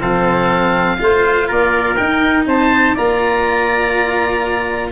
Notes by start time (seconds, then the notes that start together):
0.00 F3 C4 A4 F5
0.98 A3 F4 C5
1.48 A#3 A#4 D5
1.95 D#4 G5
2.45 C4 C5 A5
2.94 A#3 F4 D5 A#5